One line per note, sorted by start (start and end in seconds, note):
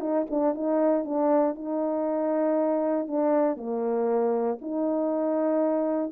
0.00 0.25 D#4
0.30 0.54 D4
0.54 1.04 D#4
1.04 1.54 D4
1.54 3.07 D#4
3.07 3.56 D4
3.56 4.58 A#3
4.61 6.11 D#4